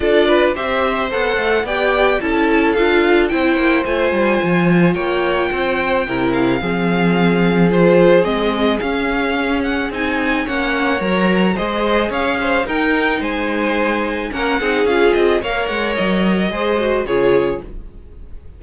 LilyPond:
<<
  \new Staff \with { instrumentName = "violin" } { \time 4/4 \tempo 4 = 109 d''4 e''4 fis''4 g''4 | a''4 f''4 g''4 gis''4~ | gis''4 g''2~ g''8 f''8~ | f''2 c''4 dis''4 |
f''4. fis''8 gis''4 fis''4 | ais''4 dis''4 f''4 g''4 | gis''2 fis''4 f''8 dis''8 | f''8 fis''8 dis''2 cis''4 | }
  \new Staff \with { instrumentName = "violin" } { \time 4/4 a'8 b'8 c''2 d''4 | a'2 c''2~ | c''4 cis''4 c''4 ais'4 | gis'1~ |
gis'2. cis''4~ | cis''4 c''4 cis''8 c''8 ais'4 | c''2 ais'8 gis'4. | cis''2 c''4 gis'4 | }
  \new Staff \with { instrumentName = "viola" } { \time 4/4 f'4 g'4 a'4 g'4 | e'4 f'4 e'4 f'4~ | f'2. e'4 | c'2 f'4 c'4 |
cis'2 dis'4 cis'4 | ais'4 gis'2 dis'4~ | dis'2 cis'8 dis'8 f'4 | ais'2 gis'8 fis'8 f'4 | }
  \new Staff \with { instrumentName = "cello" } { \time 4/4 d'4 c'4 b8 a8 b4 | cis'4 d'4 c'8 ais8 a8 g8 | f4 ais4 c'4 c4 | f2. gis4 |
cis'2 c'4 ais4 | fis4 gis4 cis'4 dis'4 | gis2 ais8 c'8 cis'8 c'8 | ais8 gis8 fis4 gis4 cis4 | }
>>